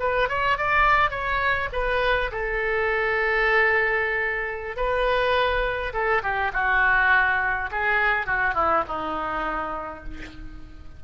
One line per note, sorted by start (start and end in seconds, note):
0.00 0.29 B4
0.29 0.58 C#5
0.58 1.11 D5
1.11 1.69 C#5
1.73 2.31 B4
2.32 4.77 A4
4.77 5.93 B4
5.94 6.23 A4
6.23 6.52 G4
6.54 7.70 F#4
7.72 8.27 G#4
8.27 8.55 F#4
8.55 8.84 E4
8.88 10.05 D#4